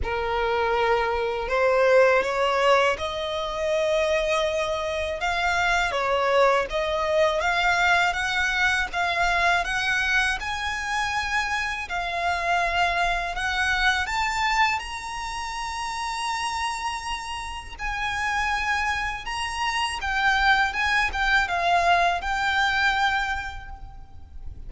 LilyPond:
\new Staff \with { instrumentName = "violin" } { \time 4/4 \tempo 4 = 81 ais'2 c''4 cis''4 | dis''2. f''4 | cis''4 dis''4 f''4 fis''4 | f''4 fis''4 gis''2 |
f''2 fis''4 a''4 | ais''1 | gis''2 ais''4 g''4 | gis''8 g''8 f''4 g''2 | }